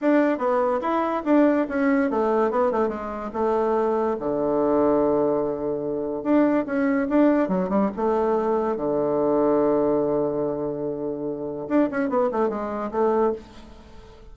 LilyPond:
\new Staff \with { instrumentName = "bassoon" } { \time 4/4 \tempo 4 = 144 d'4 b4 e'4 d'4 | cis'4 a4 b8 a8 gis4 | a2 d2~ | d2. d'4 |
cis'4 d'4 fis8 g8 a4~ | a4 d2.~ | d1 | d'8 cis'8 b8 a8 gis4 a4 | }